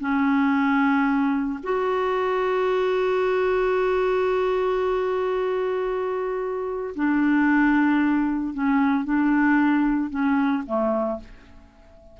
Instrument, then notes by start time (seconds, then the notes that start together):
clarinet
0.00 C#4
1.63 F#4
6.95 D4
8.54 C#4
9.05 D4
10.10 C#4
10.67 A3